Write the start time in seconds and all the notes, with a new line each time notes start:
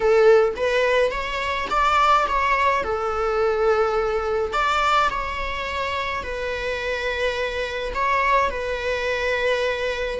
0.00 A4
0.56 B4
1.11 C#5
1.70 D5
2.27 C#5
2.83 A4
4.52 D5
5.10 C#5
6.23 B4
7.94 C#5
8.50 B4